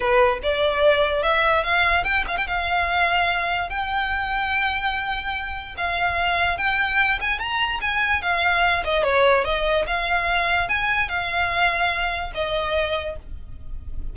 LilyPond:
\new Staff \with { instrumentName = "violin" } { \time 4/4 \tempo 4 = 146 b'4 d''2 e''4 | f''4 g''8 f''16 g''16 f''2~ | f''4 g''2.~ | g''2 f''2 |
g''4. gis''8 ais''4 gis''4 | f''4. dis''8 cis''4 dis''4 | f''2 gis''4 f''4~ | f''2 dis''2 | }